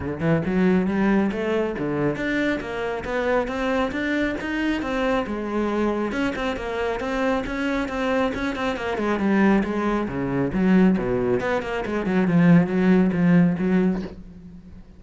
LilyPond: \new Staff \with { instrumentName = "cello" } { \time 4/4 \tempo 4 = 137 d8 e8 fis4 g4 a4 | d4 d'4 ais4 b4 | c'4 d'4 dis'4 c'4 | gis2 cis'8 c'8 ais4 |
c'4 cis'4 c'4 cis'8 c'8 | ais8 gis8 g4 gis4 cis4 | fis4 b,4 b8 ais8 gis8 fis8 | f4 fis4 f4 fis4 | }